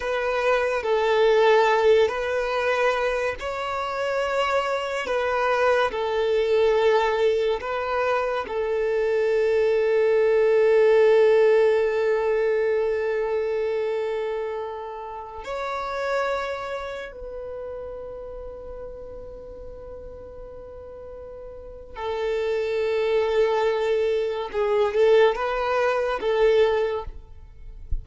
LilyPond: \new Staff \with { instrumentName = "violin" } { \time 4/4 \tempo 4 = 71 b'4 a'4. b'4. | cis''2 b'4 a'4~ | a'4 b'4 a'2~ | a'1~ |
a'2~ a'16 cis''4.~ cis''16~ | cis''16 b'2.~ b'8.~ | b'2 a'2~ | a'4 gis'8 a'8 b'4 a'4 | }